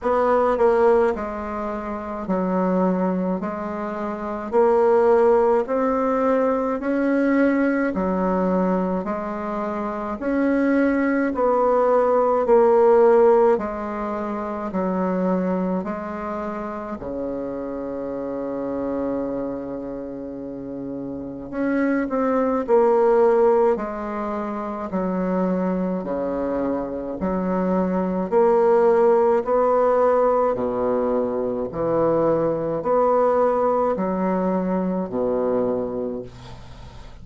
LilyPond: \new Staff \with { instrumentName = "bassoon" } { \time 4/4 \tempo 4 = 53 b8 ais8 gis4 fis4 gis4 | ais4 c'4 cis'4 fis4 | gis4 cis'4 b4 ais4 | gis4 fis4 gis4 cis4~ |
cis2. cis'8 c'8 | ais4 gis4 fis4 cis4 | fis4 ais4 b4 b,4 | e4 b4 fis4 b,4 | }